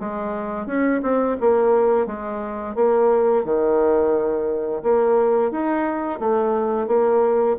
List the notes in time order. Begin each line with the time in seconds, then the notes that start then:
0.00 G#3
0.67 C#4
1.03 C4
1.41 A#3
2.07 G#3
2.76 A#3
3.45 D#3
4.83 A#3
5.52 D#4
6.20 A3
6.88 A#3